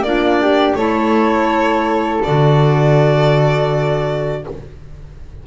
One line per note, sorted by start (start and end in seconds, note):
0.00 0.73 A#3
0.00 0.78 D4
0.00 0.76 D5
0.07 0.42 F4
0.42 0.78 G4
0.74 2.20 A3
0.74 2.24 E4
0.74 4.44 A4
0.74 2.22 C#5
2.24 4.47 D3
2.24 4.45 F#4
2.24 4.43 D5